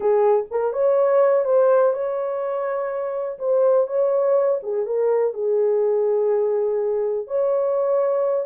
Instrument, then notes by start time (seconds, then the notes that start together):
horn
0.00 G#4
0.50 A#4
0.72 C#5
1.44 C5
1.93 C#5
3.38 C5
3.87 C#5
4.62 G#4
4.85 A#4
5.33 G#4
7.27 C#5